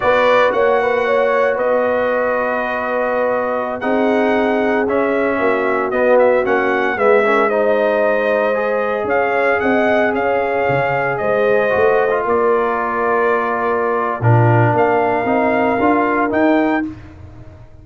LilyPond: <<
  \new Staff \with { instrumentName = "trumpet" } { \time 4/4 \tempo 4 = 114 d''4 fis''2 dis''4~ | dis''2.~ dis''16 fis''8.~ | fis''4~ fis''16 e''2 dis''8 e''16~ | e''16 fis''4 e''4 dis''4.~ dis''16~ |
dis''4~ dis''16 f''4 fis''4 f''8.~ | f''4~ f''16 dis''2 d''8.~ | d''2. ais'4 | f''2. g''4 | }
  \new Staff \with { instrumentName = "horn" } { \time 4/4 b'4 cis''8 b'8 cis''4 b'4~ | b'2.~ b'16 gis'8.~ | gis'2~ gis'16 fis'4.~ fis'16~ | fis'4~ fis'16 gis'8 ais'8 c''4.~ c''16~ |
c''4~ c''16 cis''4 dis''4 cis''8.~ | cis''4~ cis''16 c''2 ais'8.~ | ais'2. f'4 | ais'1 | }
  \new Staff \with { instrumentName = "trombone" } { \time 4/4 fis'1~ | fis'2.~ fis'16 dis'8.~ | dis'4~ dis'16 cis'2 b8.~ | b16 cis'4 b8 cis'8 dis'4.~ dis'16~ |
dis'16 gis'2.~ gis'8.~ | gis'2~ gis'16 fis'8. f'4~ | f'2. d'4~ | d'4 dis'4 f'4 dis'4 | }
  \new Staff \with { instrumentName = "tuba" } { \time 4/4 b4 ais2 b4~ | b2.~ b16 c'8.~ | c'4~ c'16 cis'4 ais4 b8.~ | b16 ais4 gis2~ gis8.~ |
gis4~ gis16 cis'4 c'4 cis'8.~ | cis'16 cis4 gis4 a4 ais8.~ | ais2. ais,4 | ais4 c'4 d'4 dis'4 | }
>>